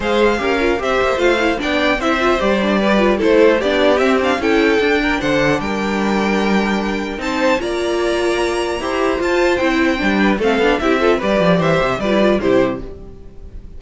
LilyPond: <<
  \new Staff \with { instrumentName = "violin" } { \time 4/4 \tempo 4 = 150 f''2 e''4 f''4 | g''4 e''4 d''2 | c''4 d''4 e''8 f''8 g''4~ | g''4 fis''4 g''2~ |
g''2 a''4 ais''4~ | ais''2. a''4 | g''2 f''4 e''4 | d''4 e''4 d''4 c''4 | }
  \new Staff \with { instrumentName = "violin" } { \time 4/4 c''4 ais'4 c''2 | d''4 c''2 b'4 | a'4 g'2 a'4~ | a'8 ais'8 c''4 ais'2~ |
ais'2 c''4 d''4~ | d''2 c''2~ | c''4. b'8 a'4 g'8 a'8 | b'4 c''4 b'4 g'4 | }
  \new Staff \with { instrumentName = "viola" } { \time 4/4 gis'4 g'8 f'8 g'4 f'8 e'8 | d'4 e'8 f'8 g'8 d'8 g'8 f'8 | e'4 d'4 c'8 d'8 e'4 | d'1~ |
d'2 dis'4 f'4~ | f'2 g'4 f'4 | e'4 d'4 c'8 d'8 e'8 f'8 | g'2 f'16 e'16 f'8 e'4 | }
  \new Staff \with { instrumentName = "cello" } { \time 4/4 gis4 cis'4 c'8 ais8 a4 | b4 c'4 g2 | a4 b4 c'4 cis'4 | d'4 d4 g2~ |
g2 c'4 ais4~ | ais2 e'4 f'4 | c'4 g4 a8 b8 c'4 | g8 f8 e8 c8 g4 c4 | }
>>